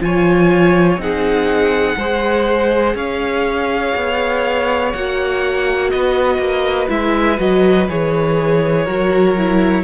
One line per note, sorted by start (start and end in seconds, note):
0.00 0.98 F3
0.00 0.98 F4
0.00 1.02 C#5
0.00 1.01 G#5
0.98 1.96 C4
0.98 1.97 D#4
0.98 1.98 G#4
0.98 2.97 F#5
1.97 2.95 G#3
1.97 4.95 G#4
1.97 2.95 C5
2.95 3.93 C#4
2.95 5.90 C#5
2.95 4.92 F5
3.96 4.94 B3
4.92 5.93 A#3
4.92 6.89 F#4
4.92 5.90 F#5
5.90 6.38 B3
5.90 8.85 B4
5.90 6.88 D#5
6.38 6.87 A#3
6.89 7.39 G#3
6.89 7.38 E4
6.89 7.39 E5
7.38 7.89 F#3
7.38 7.87 F#4
7.38 7.89 D#5
7.89 8.87 E3
7.89 8.87 G#4
7.89 9.84 C#5
8.85 9.84 F#3
8.85 9.36 F#4
8.85 9.83 A#4
9.37 9.84 E4